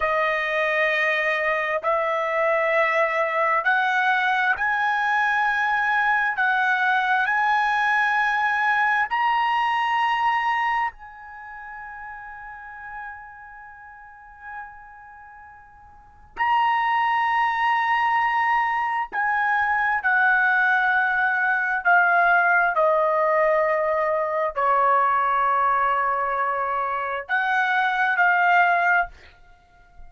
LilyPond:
\new Staff \with { instrumentName = "trumpet" } { \time 4/4 \tempo 4 = 66 dis''2 e''2 | fis''4 gis''2 fis''4 | gis''2 ais''2 | gis''1~ |
gis''2 ais''2~ | ais''4 gis''4 fis''2 | f''4 dis''2 cis''4~ | cis''2 fis''4 f''4 | }